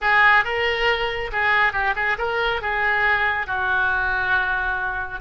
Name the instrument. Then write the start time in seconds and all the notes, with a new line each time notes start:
oboe
0.01 G#4
0.44 A#4
1.32 G#4
1.72 G4
1.95 G#4
2.18 A#4
2.61 G#4
3.46 F#4